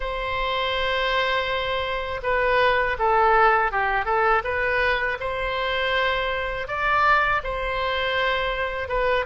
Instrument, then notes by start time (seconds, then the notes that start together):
oboe
0.00 C5
2.23 B4
2.98 A4
3.71 G4
4.05 A4
4.44 B4
5.20 C5
6.67 D5
7.43 C5
8.88 B4